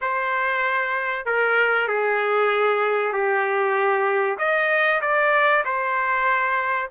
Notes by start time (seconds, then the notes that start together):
0.01 C5
1.25 A#4
1.88 G#4
3.12 G4
4.38 D#5
5.01 D5
5.64 C5